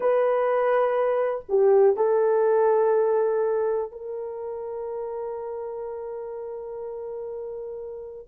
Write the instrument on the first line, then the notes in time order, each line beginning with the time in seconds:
horn
0.00 B4
1.49 G4
1.96 A4
3.91 A#4